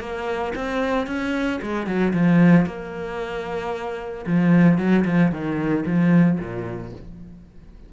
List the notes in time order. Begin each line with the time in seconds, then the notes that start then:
0.00 A#3
0.55 C4
1.07 C#4
1.62 G#3
1.86 F#3
2.13 F3
2.66 A#3
4.26 F3
4.78 F#3
5.05 F3
5.31 D#3
5.86 F3
6.39 A#2